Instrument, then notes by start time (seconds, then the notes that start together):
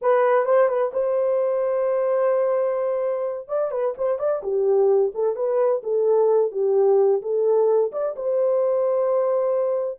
horn
0.01 B4
0.45 C5
0.68 B4
0.93 C5
3.48 D5
3.71 B4
3.97 C5
4.18 D5
4.42 G4
5.14 A4
5.35 B4
5.83 A4
6.51 G4
7.22 A4
7.92 D5
8.16 C5